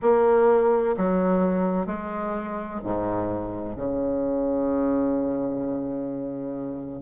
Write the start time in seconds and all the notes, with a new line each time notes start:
0.02 A#3
0.97 F#3
1.86 G#3
2.84 G#2
3.76 C#3